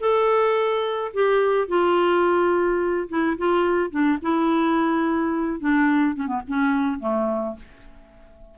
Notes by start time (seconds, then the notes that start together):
0.00 A4
1.14 G4
1.68 F4
3.09 E4
3.38 F4
3.90 D4
4.22 E4
5.60 D4
6.16 C#4
6.28 B3
6.48 C#4
7.00 A3